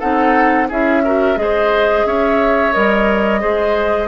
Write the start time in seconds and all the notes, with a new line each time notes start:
0.00 C4 D#4 A4 F#5
0.69 C#4 E4 G#4 E5
1.05 F#4 A#4
1.37 G#3 G#4 C5 D#5
2.06 C#4 C#5 E5
2.73 G3 A#4 D#5
3.41 G#3 G#4 C5